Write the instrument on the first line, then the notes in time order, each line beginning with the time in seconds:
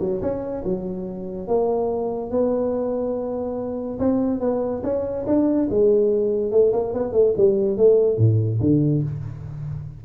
tuba
0.00 F#3
0.22 C#4
0.64 F#3
1.48 A#3
2.31 B3
4.00 C4
4.40 B3
4.83 C#4
5.27 D4
5.70 G#3
6.52 A3
6.73 A#3
6.94 B3
7.13 A3
7.37 G3
7.77 A3
8.18 A2
8.61 D3